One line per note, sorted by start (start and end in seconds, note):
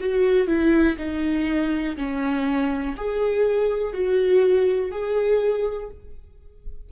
0.00 0.47 F#4
0.47 0.96 E4
0.98 1.96 D#4
1.96 2.95 C#4
2.96 3.93 G#4
3.93 4.91 F#4
4.91 5.90 G#4